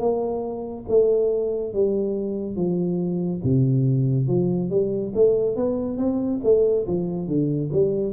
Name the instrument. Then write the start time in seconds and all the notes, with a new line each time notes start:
tuba
0.00 A#3
0.89 A3
1.74 G3
2.56 F3
3.44 C3
4.27 F3
4.70 G3
5.15 A3
5.56 B3
5.98 C4
6.44 A3
6.87 F3
7.28 D3
7.73 G3